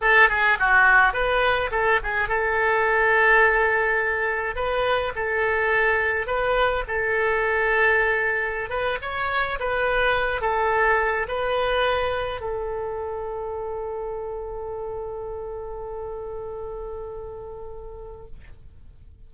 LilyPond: \new Staff \with { instrumentName = "oboe" } { \time 4/4 \tempo 4 = 105 a'8 gis'8 fis'4 b'4 a'8 gis'8 | a'1 | b'4 a'2 b'4 | a'2.~ a'16 b'8 cis''16~ |
cis''8. b'4. a'4. b'16~ | b'4.~ b'16 a'2~ a'16~ | a'1~ | a'1 | }